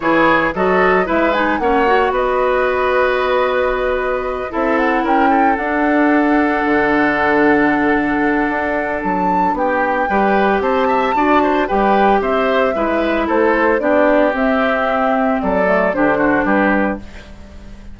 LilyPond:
<<
  \new Staff \with { instrumentName = "flute" } { \time 4/4 \tempo 4 = 113 cis''4 dis''4 e''8 gis''8 fis''4 | dis''1~ | dis''8 e''8 fis''8 g''4 fis''4.~ | fis''1~ |
fis''4 a''4 g''2 | a''2 g''4 e''4~ | e''4 c''4 d''4 e''4~ | e''4 d''4 c''4 b'4 | }
  \new Staff \with { instrumentName = "oboe" } { \time 4/4 gis'4 a'4 b'4 cis''4 | b'1~ | b'8 a'4 ais'8 a'2~ | a'1~ |
a'2 g'4 b'4 | c''8 e''8 d''8 c''8 b'4 c''4 | b'4 a'4 g'2~ | g'4 a'4 g'8 fis'8 g'4 | }
  \new Staff \with { instrumentName = "clarinet" } { \time 4/4 e'4 fis'4 e'8 dis'8 cis'8 fis'8~ | fis'1~ | fis'8 e'2 d'4.~ | d'1~ |
d'2. g'4~ | g'4 fis'4 g'2 | e'2 d'4 c'4~ | c'4. a8 d'2 | }
  \new Staff \with { instrumentName = "bassoon" } { \time 4/4 e4 fis4 gis4 ais4 | b1~ | b8 c'4 cis'4 d'4.~ | d'8 d2.~ d8 |
d'4 fis4 b4 g4 | c'4 d'4 g4 c'4 | gis4 a4 b4 c'4~ | c'4 fis4 d4 g4 | }
>>